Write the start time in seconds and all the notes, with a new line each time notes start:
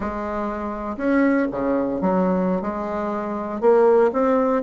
0.00 G#3
0.97 C#4
1.51 C#3
2.01 F#3
2.61 G#3
3.60 A#3
4.12 C4